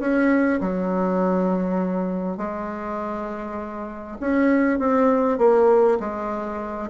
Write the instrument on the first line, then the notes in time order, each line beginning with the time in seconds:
bassoon
0.00 C#4
0.61 F#3
2.38 G#3
4.21 C#4
4.79 C4
5.38 A#3
6.00 G#3